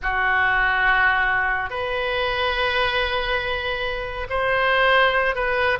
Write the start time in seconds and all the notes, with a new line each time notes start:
0.02 F#4
1.69 B4
4.29 C5
5.35 B4